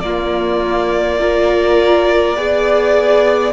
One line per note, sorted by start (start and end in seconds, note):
0.00 2.37 A#3
0.00 1.20 A#3
0.00 1.21 F4
0.00 3.53 D5
1.20 2.36 F4
1.20 2.38 A#4
2.36 3.53 B3
2.36 3.53 G#4
2.36 3.53 D5